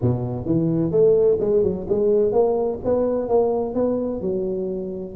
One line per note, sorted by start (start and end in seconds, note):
0.01 0.45 B2
0.45 0.91 E3
0.91 1.38 A3
1.40 1.63 G#3
1.63 1.86 F#3
1.89 2.31 G#3
2.31 2.78 A#3
2.84 3.28 B3
3.28 3.74 A#3
3.74 4.21 B3
4.21 5.15 F#3